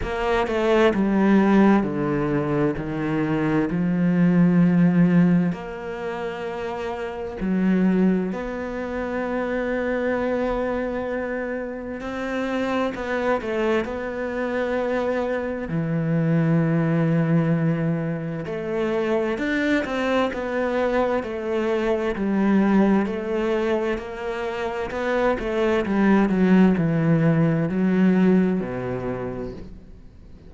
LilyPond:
\new Staff \with { instrumentName = "cello" } { \time 4/4 \tempo 4 = 65 ais8 a8 g4 d4 dis4 | f2 ais2 | fis4 b2.~ | b4 c'4 b8 a8 b4~ |
b4 e2. | a4 d'8 c'8 b4 a4 | g4 a4 ais4 b8 a8 | g8 fis8 e4 fis4 b,4 | }